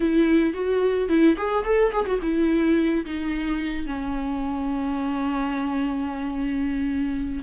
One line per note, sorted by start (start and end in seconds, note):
0.00 0.53 E4
0.53 1.08 F#4
1.09 1.36 E4
1.37 1.64 G#4
1.64 1.92 A4
1.92 2.05 G#4
2.06 2.19 F#4
2.22 3.04 E4
3.05 3.86 D#4
3.86 7.43 C#4